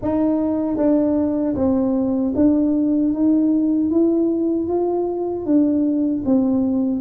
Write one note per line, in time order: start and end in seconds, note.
0.01 0.76 D#4
0.76 1.54 D4
1.55 2.33 C4
2.35 3.13 D4
3.13 3.90 D#4
3.90 4.67 E4
4.67 5.45 F4
5.45 6.23 D4
6.25 7.00 C4